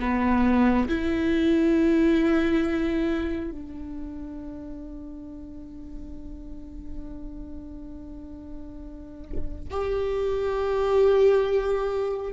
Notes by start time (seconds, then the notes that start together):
0.00 B3
0.88 E4
3.51 D4
9.71 G4